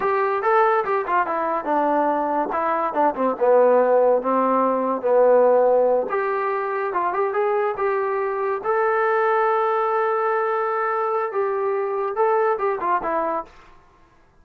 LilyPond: \new Staff \with { instrumentName = "trombone" } { \time 4/4 \tempo 4 = 143 g'4 a'4 g'8 f'8 e'4 | d'2 e'4 d'8 c'8 | b2 c'2 | b2~ b8 g'4.~ |
g'8 f'8 g'8 gis'4 g'4.~ | g'8 a'2.~ a'8~ | a'2. g'4~ | g'4 a'4 g'8 f'8 e'4 | }